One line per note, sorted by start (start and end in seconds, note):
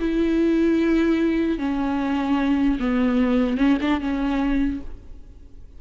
0.00 1.59 E4
1.59 2.79 C#4
2.80 3.57 B3
3.57 3.77 C#4
3.81 4.00 D4
4.00 4.80 C#4